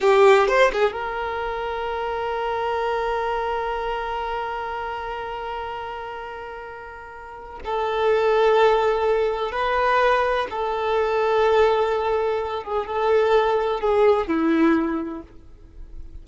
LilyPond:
\new Staff \with { instrumentName = "violin" } { \time 4/4 \tempo 4 = 126 g'4 c''8 gis'8 ais'2~ | ais'1~ | ais'1~ | ais'1 |
a'1 | b'2 a'2~ | a'2~ a'8 gis'8 a'4~ | a'4 gis'4 e'2 | }